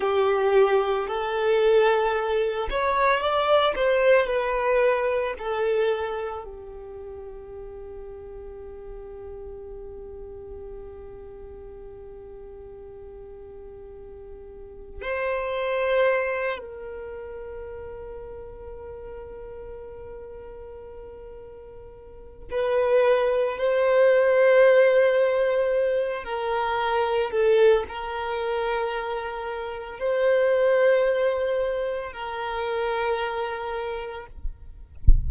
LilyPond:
\new Staff \with { instrumentName = "violin" } { \time 4/4 \tempo 4 = 56 g'4 a'4. cis''8 d''8 c''8 | b'4 a'4 g'2~ | g'1~ | g'2 c''4. ais'8~ |
ais'1~ | ais'4 b'4 c''2~ | c''8 ais'4 a'8 ais'2 | c''2 ais'2 | }